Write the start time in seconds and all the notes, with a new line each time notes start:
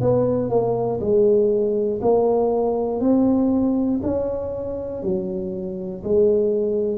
0.00 B3
0.49 A#3
1.00 G#3
2.01 A#3
3.00 C4
4.02 C#4
5.02 F#3
6.03 G#3